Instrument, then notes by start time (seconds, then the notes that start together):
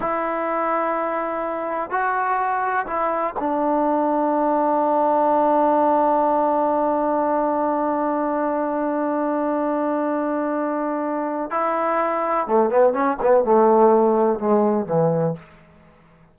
trombone
0.00 E4
1.90 F#4
2.86 E4
3.39 D4
11.51 E4
12.47 A3
12.70 B3
12.93 C#4
13.21 B3
13.44 A3
14.39 G#3
14.86 E3